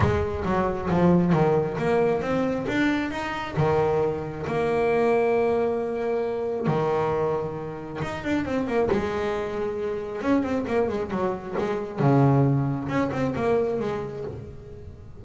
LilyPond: \new Staff \with { instrumentName = "double bass" } { \time 4/4 \tempo 4 = 135 gis4 fis4 f4 dis4 | ais4 c'4 d'4 dis'4 | dis2 ais2~ | ais2. dis4~ |
dis2 dis'8 d'8 c'8 ais8 | gis2. cis'8 c'8 | ais8 gis8 fis4 gis4 cis4~ | cis4 cis'8 c'8 ais4 gis4 | }